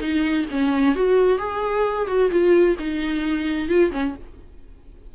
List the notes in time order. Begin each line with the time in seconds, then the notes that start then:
0.00 D#4
0.51 C#4
0.95 F#4
1.38 G#4
2.07 F#4
2.30 F4
2.79 D#4
3.68 F4
3.92 C#4